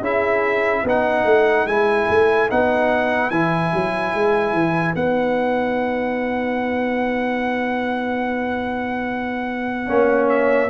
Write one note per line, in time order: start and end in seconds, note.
0.00 0.82 C#4
0.00 0.85 E4
0.00 0.83 G#4
0.00 0.86 E5
0.83 1.24 B3
0.83 1.68 D#4
0.83 9.87 B4
0.83 1.67 F#5
1.24 1.65 A3
1.66 2.07 G#3
1.66 2.49 E4
1.66 2.49 G#5
2.09 2.50 A3
2.49 3.31 B3
2.49 3.31 D#4
2.49 3.30 F#5
3.30 3.72 E3
3.30 4.95 E4
3.30 4.94 G#5
3.73 4.14 F#3
4.14 4.53 G#3
4.53 4.94 E3
4.95 9.89 B3
4.95 9.86 D#4
4.95 10.29 F#5
9.86 10.70 A#3
9.86 10.68 C#4
9.86 10.70 C#5
10.29 10.70 E5